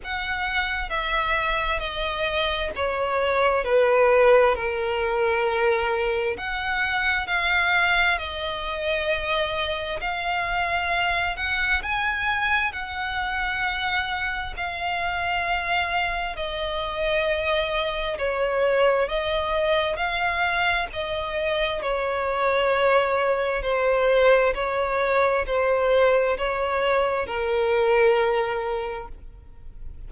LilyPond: \new Staff \with { instrumentName = "violin" } { \time 4/4 \tempo 4 = 66 fis''4 e''4 dis''4 cis''4 | b'4 ais'2 fis''4 | f''4 dis''2 f''4~ | f''8 fis''8 gis''4 fis''2 |
f''2 dis''2 | cis''4 dis''4 f''4 dis''4 | cis''2 c''4 cis''4 | c''4 cis''4 ais'2 | }